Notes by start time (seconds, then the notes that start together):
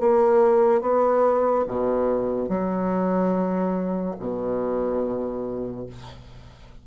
0.00 A#3
0.81 B3
1.67 B2
2.48 F#3
4.20 B2